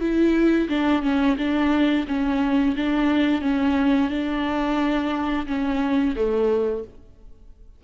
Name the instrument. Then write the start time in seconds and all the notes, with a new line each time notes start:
viola
0.00 E4
0.68 D4
1.02 C#4
1.38 D4
2.07 C#4
2.76 D4
3.41 C#4
4.09 D4
5.46 C#4
6.15 A3